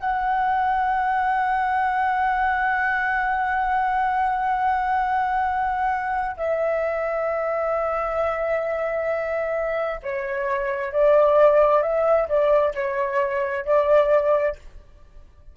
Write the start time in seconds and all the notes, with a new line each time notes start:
0.00 F#5
6.37 E5
10.02 C#5
10.92 D5
11.83 E5
12.28 D5
12.74 C#5
13.65 D5